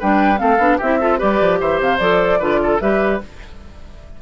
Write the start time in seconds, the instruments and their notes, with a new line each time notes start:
0.00 bassoon G3, clarinet D4, oboe B4, flute G5
0.37 bassoon A3, clarinet C4, oboe A4, flute F5
0.59 bassoon B3, clarinet D4
0.78 bassoon C4, clarinet E4, oboe G4, flute E5
1.01 clarinet F4, oboe A4
1.19 bassoon G3, clarinet G4, oboe B4, flute D5
1.41 bassoon F3
1.61 bassoon E3, oboe C5, flute E5
1.80 bassoon C3, flute F5
1.99 bassoon F3, clarinet A4, flute D5
2.40 bassoon D3, clarinet F4, oboe B4
2.64 oboe A4
2.81 bassoon G3, clarinet G4, oboe B4, flute E5